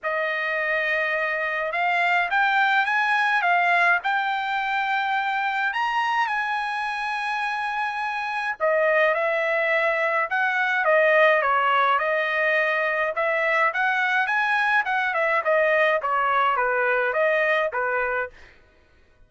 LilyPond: \new Staff \with { instrumentName = "trumpet" } { \time 4/4 \tempo 4 = 105 dis''2. f''4 | g''4 gis''4 f''4 g''4~ | g''2 ais''4 gis''4~ | gis''2. dis''4 |
e''2 fis''4 dis''4 | cis''4 dis''2 e''4 | fis''4 gis''4 fis''8 e''8 dis''4 | cis''4 b'4 dis''4 b'4 | }